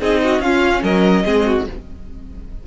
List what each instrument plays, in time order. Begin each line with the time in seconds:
0.00 cello C4, viola D#4, violin G#4 D#5
0.24 violin F#4
0.39 cello C#4, viola C#4, violin F4 F5
0.83 cello F#3, violin A#4 D#5
1.24 cello G#3, viola C4, violin G#4
1.46 violin F#4